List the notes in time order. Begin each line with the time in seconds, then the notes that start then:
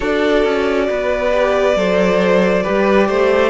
0.00 D4 F#4 A4 D5
0.44 C#4
0.89 B3 B4
1.31 G4
1.75 F#3 A4 C5
2.62 G3 G4 B4
3.07 A3 C5